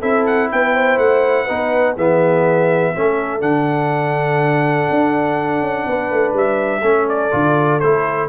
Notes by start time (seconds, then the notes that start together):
0.00 C4 E4 A4 E5
0.26 F#5
0.51 B3 B4 G5
0.73 C5
0.98 A3 F#5
1.44 B3 D#4 B4
1.95 E3 B3 G#4 E5
2.94 A3 C#4 A4
3.40 D3 D4 F#5
4.90 D4
5.61 C#4
5.86 B3 B4
6.10 A3
6.33 G3 E5
6.81 A3 C#4 A4
7.08 D5
7.30 D3 F4
7.79 A3 E4 C5